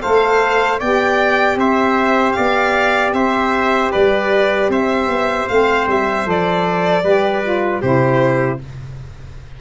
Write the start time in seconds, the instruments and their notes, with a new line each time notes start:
0.00 tuba A3, saxophone A4, trumpet C5, violin F5
0.79 tuba B3, saxophone G4, trumpet D5, violin G5
1.56 tuba C4, trumpet C5, violin E5
2.32 tuba B3, trumpet D5, violin F5
3.12 tuba C4, trumpet C5, violin E5
3.91 tuba G3, trumpet B4, violin D5
4.69 tuba C4, trumpet C5, violin E5
5.07 tuba B3
5.48 tuba A3, saxophone C4, violin F5
5.87 tuba G3, violin E5
6.25 tuba F3, saxophone A4, violin D5
7.03 tuba G3, saxophone G4, trumpet B4
7.42 saxophone F4
7.81 tuba C3, saxophone E4, trumpet G4, violin C5